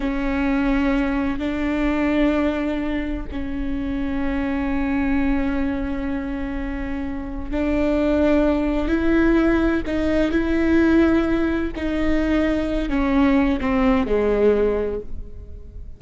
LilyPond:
\new Staff \with { instrumentName = "viola" } { \time 4/4 \tempo 4 = 128 cis'2. d'4~ | d'2. cis'4~ | cis'1~ | cis'1 |
d'2. e'4~ | e'4 dis'4 e'2~ | e'4 dis'2~ dis'8 cis'8~ | cis'4 c'4 gis2 | }